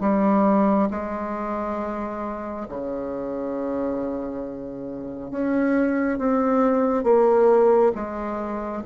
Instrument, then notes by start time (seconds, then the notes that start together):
bassoon
0.00 G3
0.90 G#3
2.69 C#3
5.30 C#4
6.18 C4
7.03 A#3
7.94 G#3